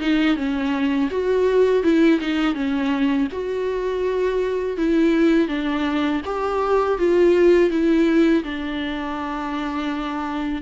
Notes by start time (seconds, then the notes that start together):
0.00 D#4
0.36 C#4
1.11 F#4
1.83 E4
2.21 D#4
2.55 C#4
3.32 F#4
4.77 E4
5.48 D4
6.25 G4
6.98 F4
7.70 E4
8.44 D4